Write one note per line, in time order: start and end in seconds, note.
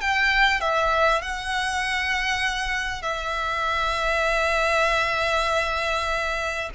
0.00 0.60 G5
0.60 1.21 E5
1.21 3.02 F#5
3.02 6.69 E5